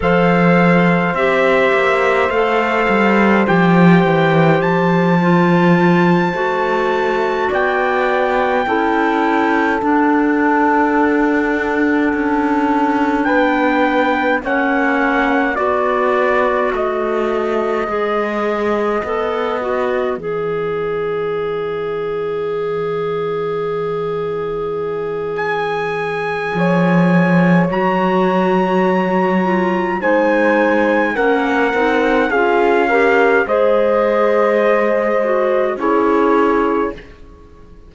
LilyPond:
<<
  \new Staff \with { instrumentName = "trumpet" } { \time 4/4 \tempo 4 = 52 f''4 e''4 f''4 g''4 | a''2~ a''8 g''4.~ | g''8 fis''2. g''8~ | g''8 fis''4 d''4 dis''4.~ |
dis''4. e''2~ e''8~ | e''2 gis''2 | ais''2 gis''4 fis''4 | f''4 dis''2 cis''4 | }
  \new Staff \with { instrumentName = "horn" } { \time 4/4 c''1~ | c''2~ c''8 d''4 a'8~ | a'2.~ a'8 b'8~ | b'8 cis''4 b'2~ b'8~ |
b'1~ | b'2. cis''4~ | cis''2 c''4 ais'4 | gis'8 ais'8 c''2 gis'4 | }
  \new Staff \with { instrumentName = "clarinet" } { \time 4/4 a'4 g'4 a'4 g'4~ | g'8 f'4 fis'2 e'8~ | e'8 d'2.~ d'8~ | d'8 cis'4 fis'2 gis'8~ |
gis'8 a'8 fis'8 gis'2~ gis'8~ | gis'1 | fis'4. f'8 dis'4 cis'8 dis'8 | f'8 g'8 gis'4. fis'8 e'4 | }
  \new Staff \with { instrumentName = "cello" } { \time 4/4 f4 c'8 ais8 a8 g8 f8 e8 | f4. a4 b4 cis'8~ | cis'8 d'2 cis'4 b8~ | b8 ais4 b4 a4 gis8~ |
gis8 b4 e2~ e8~ | e2. f4 | fis2 gis4 ais8 c'8 | cis'4 gis2 cis'4 | }
>>